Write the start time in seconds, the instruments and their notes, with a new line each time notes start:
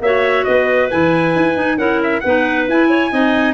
0.00 tuba A#3, clarinet F#4 C#5, trumpet E5
0.44 tuba B3, clarinet B4, trumpet D#5
0.90 tuba E3, clarinet E4, trumpet G#5
1.35 tuba E4
1.55 clarinet D#4, tuba D#4
1.77 tuba C#4, clarinet E4 A#4, trumpet F#5
2.03 trumpet E5
2.20 tuba B3, clarinet D#4 B4, trumpet F#5
2.68 tuba E4, clarinet E4, trumpet G#5
2.89 clarinet C#5
3.10 tuba C4, clarinet D#4 D#5